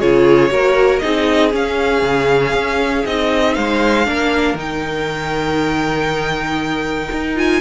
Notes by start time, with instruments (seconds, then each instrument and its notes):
0.00 cello C#3, viola F4, violin G#4 C#5
0.50 cello A#3, viola F#4, violin A#4
0.99 cello C4, viola D#4, violin G#4 D#5
1.52 viola C#4, cello C#4, violin F5
2.02 cello C#3
2.53 cello C#4
3.06 cello C4, viola D#4, violin D#5
3.55 cello G#3, violin C5 F5
4.05 cello A#3, viola D4, violin A#4
4.55 cello D#3, viola D#4, violin G5
7.12 cello D#4
7.36 viola F4, violin G#5